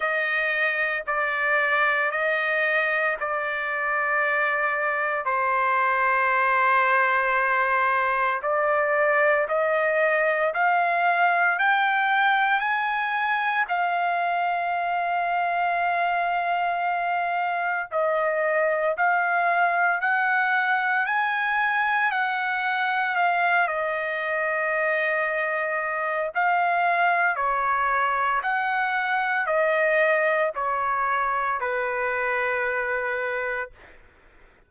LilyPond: \new Staff \with { instrumentName = "trumpet" } { \time 4/4 \tempo 4 = 57 dis''4 d''4 dis''4 d''4~ | d''4 c''2. | d''4 dis''4 f''4 g''4 | gis''4 f''2.~ |
f''4 dis''4 f''4 fis''4 | gis''4 fis''4 f''8 dis''4.~ | dis''4 f''4 cis''4 fis''4 | dis''4 cis''4 b'2 | }